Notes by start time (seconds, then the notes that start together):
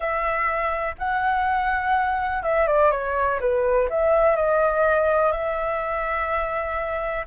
0.00 E5
0.98 F#5
2.42 E5
2.67 D5
2.91 C#5
3.40 B4
3.89 E5
4.35 D#5
5.32 E5